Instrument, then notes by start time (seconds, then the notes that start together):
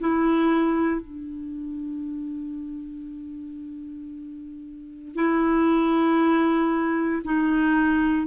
clarinet
0.00 E4
1.02 D4
5.16 E4
7.25 D#4